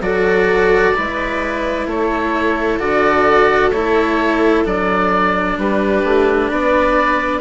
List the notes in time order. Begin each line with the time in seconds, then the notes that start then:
0.00 F#3 F#4 A4 D5
0.95 G#3 E4 B4
1.87 A3 A4 C#5
2.79 D3 F#4 D5
3.71 A3 E4 C#5
4.65 F#3 D4 D5
5.57 G3 G4 B4
6.04 A3
6.48 B3 B4 D5